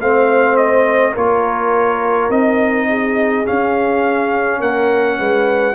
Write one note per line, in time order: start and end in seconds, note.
0.00 1.15 A3
0.00 1.16 C4
0.00 1.14 C5
0.00 0.57 F5
0.57 1.14 D#5
1.14 2.30 A#3
1.14 2.31 F4
1.14 2.87 A#4
1.14 2.31 C#5
2.30 3.45 C4
2.30 3.45 D#4
2.30 3.47 D#5
2.90 4.60 G#4
3.45 5.75 C#4
3.45 4.61 C#4
3.45 4.62 F5
4.60 5.19 A#3
4.60 5.17 A#4
4.60 5.75 F#5
5.19 5.75 G#3
5.19 5.75 B4